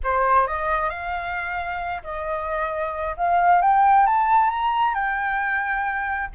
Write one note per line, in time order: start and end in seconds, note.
0.03 0.47 C5
0.47 0.89 D#5
0.89 2.02 F5
2.03 3.16 D#5
3.17 3.61 F5
3.61 4.06 G5
4.06 4.50 A5
4.50 4.94 A#5
4.94 6.29 G5